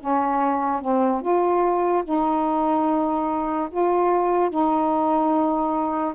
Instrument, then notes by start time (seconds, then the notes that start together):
saxophone
0.00 C#4
0.81 C4
1.22 F4
2.05 D#4
3.71 F4
4.50 D#4